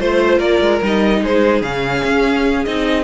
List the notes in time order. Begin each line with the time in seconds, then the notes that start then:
0.00 A3 F4 C5
0.38 A#3 A#4 D5
0.61 G#3
0.82 G3 D#4 D#5
1.23 G#3 G#4 C5
1.62 C#3 C#4 F5
2.04 C#4
2.65 C4 D#4 D#5